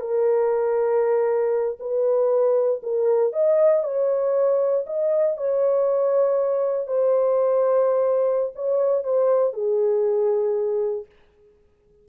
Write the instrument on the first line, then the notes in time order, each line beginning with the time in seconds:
horn
0.00 A#4
1.79 B4
2.82 A#4
3.33 D#5
3.83 C#5
4.86 D#5
5.37 C#5
6.87 C5
8.55 C#5
9.03 C5
9.53 G#4